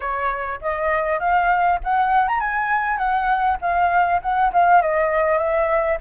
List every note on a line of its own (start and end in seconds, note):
0.00 0.60 C#5
0.61 1.19 D#5
1.19 1.79 F5
1.83 2.27 F#5
2.27 2.39 A#5
2.39 2.97 G#5
2.97 3.57 F#5
3.61 4.21 F5
4.22 4.52 F#5
4.52 4.81 F5
4.81 5.38 D#5
5.38 5.98 E5